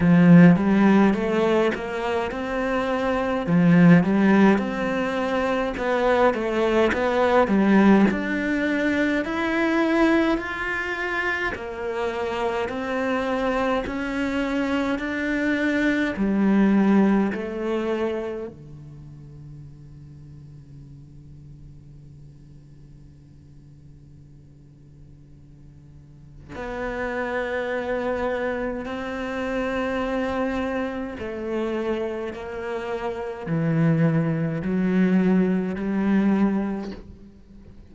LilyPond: \new Staff \with { instrumentName = "cello" } { \time 4/4 \tempo 4 = 52 f8 g8 a8 ais8 c'4 f8 g8 | c'4 b8 a8 b8 g8 d'4 | e'4 f'4 ais4 c'4 | cis'4 d'4 g4 a4 |
d1~ | d2. b4~ | b4 c'2 a4 | ais4 e4 fis4 g4 | }